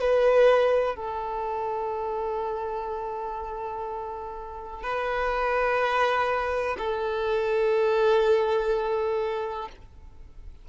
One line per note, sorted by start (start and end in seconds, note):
0.00 0.95 B4
0.95 4.83 A4
4.83 6.76 B4
6.78 9.68 A4